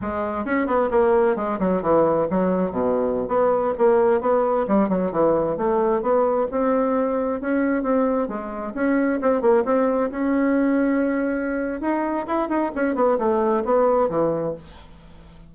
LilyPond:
\new Staff \with { instrumentName = "bassoon" } { \time 4/4 \tempo 4 = 132 gis4 cis'8 b8 ais4 gis8 fis8 | e4 fis4 b,4~ b,16 b8.~ | b16 ais4 b4 g8 fis8 e8.~ | e16 a4 b4 c'4.~ c'16~ |
c'16 cis'4 c'4 gis4 cis'8.~ | cis'16 c'8 ais8 c'4 cis'4.~ cis'16~ | cis'2 dis'4 e'8 dis'8 | cis'8 b8 a4 b4 e4 | }